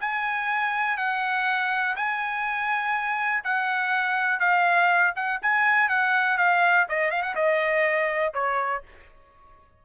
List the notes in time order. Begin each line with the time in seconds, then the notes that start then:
0.00 G#5
0.97 F#5
1.96 G#5
3.44 F#5
4.39 F5
5.15 F#5
5.42 G#5
5.89 F#5
6.37 F5
6.89 D#5
7.10 F5
7.22 F#5
7.35 D#5
8.33 C#5